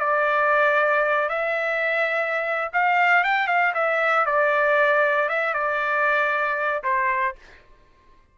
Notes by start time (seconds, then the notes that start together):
0.00 D5
1.29 E5
2.73 F5
3.24 G5
3.47 F5
3.75 E5
4.26 D5
5.29 E5
5.54 D5
6.84 C5